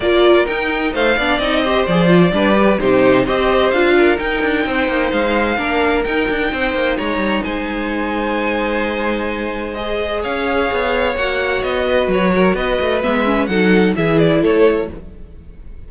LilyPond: <<
  \new Staff \with { instrumentName = "violin" } { \time 4/4 \tempo 4 = 129 d''4 g''4 f''4 dis''4 | d''2 c''4 dis''4 | f''4 g''2 f''4~ | f''4 g''2 ais''4 |
gis''1~ | gis''4 dis''4 f''2 | fis''4 dis''4 cis''4 dis''4 | e''4 fis''4 e''8 d''8 cis''4 | }
  \new Staff \with { instrumentName = "violin" } { \time 4/4 ais'2 c''8 d''4 c''8~ | c''4 b'4 g'4 c''4~ | c''8 ais'4. c''2 | ais'2 c''4 cis''4 |
c''1~ | c''2 cis''2~ | cis''4. b'4 ais'8 b'4~ | b'4 a'4 gis'4 a'4 | }
  \new Staff \with { instrumentName = "viola" } { \time 4/4 f'4 dis'4. d'8 dis'8 g'8 | gis'8 f'8 d'8 g'8 dis'4 g'4 | f'4 dis'2. | d'4 dis'2.~ |
dis'1~ | dis'4 gis'2. | fis'1 | b8 cis'8 dis'4 e'2 | }
  \new Staff \with { instrumentName = "cello" } { \time 4/4 ais4 dis'4 a8 b8 c'4 | f4 g4 c4 c'4 | d'4 dis'8 d'8 c'8 ais8 gis4 | ais4 dis'8 d'8 c'8 ais8 gis8 g8 |
gis1~ | gis2 cis'4 b4 | ais4 b4 fis4 b8 a8 | gis4 fis4 e4 a4 | }
>>